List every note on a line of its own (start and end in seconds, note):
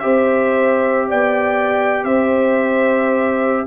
0.00 1.12 C4
0.00 3.67 G4
0.00 1.09 C5
0.00 1.08 E5
1.09 2.04 B3
1.09 2.04 D5
1.09 2.05 G5
2.04 3.66 C4
2.04 3.67 C5
2.04 3.67 E5